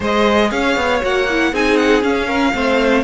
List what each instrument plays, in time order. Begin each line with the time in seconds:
0.00 cello G#3, viola G#4, violin C5 D#5
0.50 cello C#4, violin C#5 F5
0.76 cello B3
1.01 cello A#3, viola F#4, violin F#5
1.29 viola E4
1.51 cello C4, viola D#4, violin G#4 G#5
1.76 violin F#5
2.02 viola C#4, cello C#4, violin F5
2.27 violin A#4
2.53 cello A3, viola C4, violin C5